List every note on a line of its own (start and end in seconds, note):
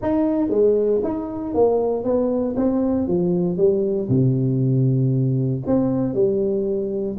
0.02 0.49 D#4
0.49 1.00 G#3
1.03 1.54 D#4
1.54 2.04 A#3
2.04 2.55 B3
2.56 3.07 C4
3.07 3.57 F3
3.57 4.08 G3
4.09 5.62 C3
5.66 6.14 C4
6.14 7.16 G3